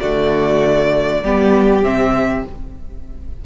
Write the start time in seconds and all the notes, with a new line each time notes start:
0.00 D3 A3 F#4 D5
1.23 G3 B3 G4
1.83 C3 C4 E5